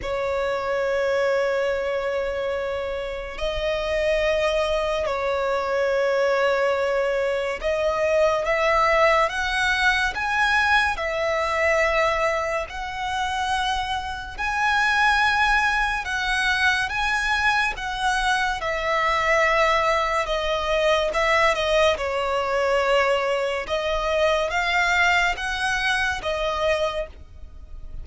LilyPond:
\new Staff \with { instrumentName = "violin" } { \time 4/4 \tempo 4 = 71 cis''1 | dis''2 cis''2~ | cis''4 dis''4 e''4 fis''4 | gis''4 e''2 fis''4~ |
fis''4 gis''2 fis''4 | gis''4 fis''4 e''2 | dis''4 e''8 dis''8 cis''2 | dis''4 f''4 fis''4 dis''4 | }